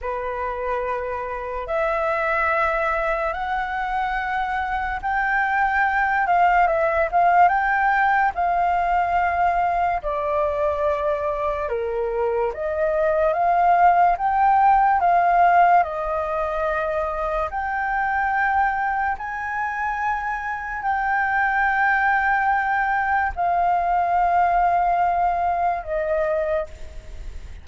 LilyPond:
\new Staff \with { instrumentName = "flute" } { \time 4/4 \tempo 4 = 72 b'2 e''2 | fis''2 g''4. f''8 | e''8 f''8 g''4 f''2 | d''2 ais'4 dis''4 |
f''4 g''4 f''4 dis''4~ | dis''4 g''2 gis''4~ | gis''4 g''2. | f''2. dis''4 | }